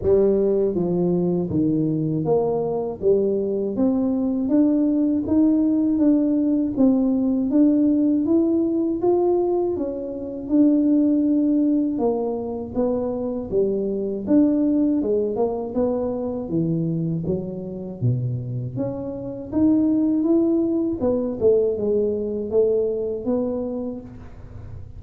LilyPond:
\new Staff \with { instrumentName = "tuba" } { \time 4/4 \tempo 4 = 80 g4 f4 dis4 ais4 | g4 c'4 d'4 dis'4 | d'4 c'4 d'4 e'4 | f'4 cis'4 d'2 |
ais4 b4 g4 d'4 | gis8 ais8 b4 e4 fis4 | b,4 cis'4 dis'4 e'4 | b8 a8 gis4 a4 b4 | }